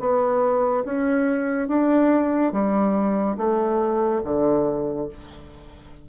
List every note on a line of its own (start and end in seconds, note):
0.00 0.85 B3
0.85 1.69 C#4
1.69 2.53 D4
2.53 3.37 G3
3.38 4.22 A3
4.24 5.09 D3